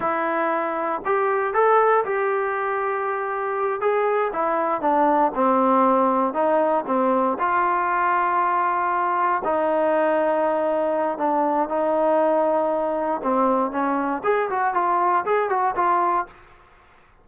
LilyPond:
\new Staff \with { instrumentName = "trombone" } { \time 4/4 \tempo 4 = 118 e'2 g'4 a'4 | g'2.~ g'8 gis'8~ | gis'8 e'4 d'4 c'4.~ | c'8 dis'4 c'4 f'4.~ |
f'2~ f'8 dis'4.~ | dis'2 d'4 dis'4~ | dis'2 c'4 cis'4 | gis'8 fis'8 f'4 gis'8 fis'8 f'4 | }